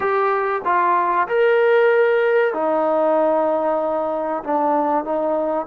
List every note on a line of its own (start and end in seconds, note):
0.00 0.61 G4
0.64 1.27 F4
1.27 2.53 A#4
2.53 4.43 D#4
4.43 5.04 D4
5.04 5.66 D#4